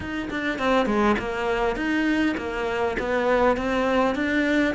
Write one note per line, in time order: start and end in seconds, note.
0.00 0.29 D#4
0.30 0.58 D4
0.58 0.86 C4
0.86 1.15 G#3
1.19 1.76 A#3
1.76 2.35 D#4
2.37 2.96 A#3
2.99 3.56 B3
3.56 4.15 C4
4.15 4.74 D4